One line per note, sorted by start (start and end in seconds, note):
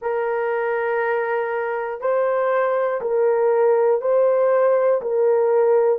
0.01 2.00 A#4
2.00 3.00 C5
3.01 4.00 A#4
4.00 5.00 C5
5.01 5.99 A#4